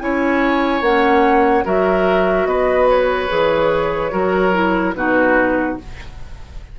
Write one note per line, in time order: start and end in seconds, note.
0.00 0.82 C#4
0.00 0.83 E4
0.00 1.65 C#5
0.00 0.82 G#5
0.82 1.64 A#3
0.82 1.65 C#4
0.82 1.65 F#5
1.65 2.46 F#3
1.65 3.29 F#4
1.65 2.48 A#4
1.65 2.47 E5
2.46 3.28 B3
2.46 4.13 B4
2.46 2.88 D#5
2.90 4.95 C#5
3.29 4.13 E3
3.29 4.11 G#4
4.11 4.95 F#3
4.11 4.52 F#4
4.11 4.95 A#4
4.53 4.95 E4
4.95 5.77 B2
4.95 5.79 D#4
4.95 5.80 F#4
4.95 5.77 B4